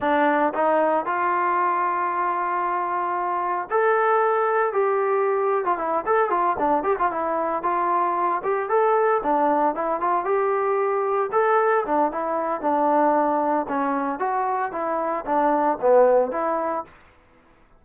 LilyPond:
\new Staff \with { instrumentName = "trombone" } { \time 4/4 \tempo 4 = 114 d'4 dis'4 f'2~ | f'2. a'4~ | a'4 g'4.~ g'16 f'16 e'8 a'8 | f'8 d'8 g'16 f'16 e'4 f'4. |
g'8 a'4 d'4 e'8 f'8 g'8~ | g'4. a'4 d'8 e'4 | d'2 cis'4 fis'4 | e'4 d'4 b4 e'4 | }